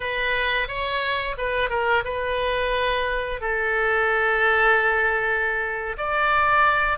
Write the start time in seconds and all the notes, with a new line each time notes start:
0.00 B4
0.68 C#5
1.37 B4
1.69 A#4
2.04 B4
3.40 A4
5.97 D5